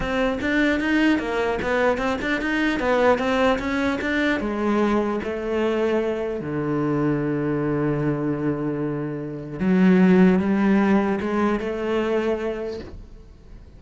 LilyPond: \new Staff \with { instrumentName = "cello" } { \time 4/4 \tempo 4 = 150 c'4 d'4 dis'4 ais4 | b4 c'8 d'8 dis'4 b4 | c'4 cis'4 d'4 gis4~ | gis4 a2. |
d1~ | d1 | fis2 g2 | gis4 a2. | }